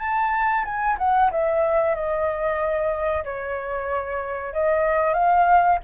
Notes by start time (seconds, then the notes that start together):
0.00 A5
0.65 G#5
0.99 F#5
1.32 E5
1.95 D#5
3.25 C#5
4.54 D#5
5.14 F5